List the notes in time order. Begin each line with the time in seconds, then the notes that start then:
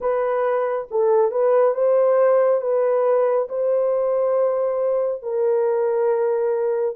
0.00 B4
0.91 A4
1.31 B4
1.74 C5
2.61 B4
3.49 C5
5.22 A#4